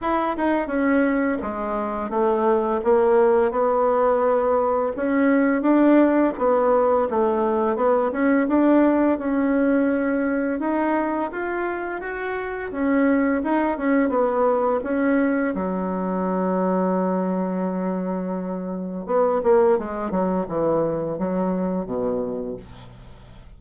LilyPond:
\new Staff \with { instrumentName = "bassoon" } { \time 4/4 \tempo 4 = 85 e'8 dis'8 cis'4 gis4 a4 | ais4 b2 cis'4 | d'4 b4 a4 b8 cis'8 | d'4 cis'2 dis'4 |
f'4 fis'4 cis'4 dis'8 cis'8 | b4 cis'4 fis2~ | fis2. b8 ais8 | gis8 fis8 e4 fis4 b,4 | }